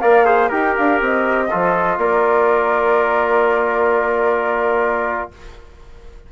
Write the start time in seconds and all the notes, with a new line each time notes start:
0.00 A#3 A#4 D5 F5
0.25 G#4 C5
0.49 D#4 G4 A#4 G5
0.76 D4 F5
1.00 C4 D#5
1.50 F3 F4 A4
1.98 A#3 A#4 D5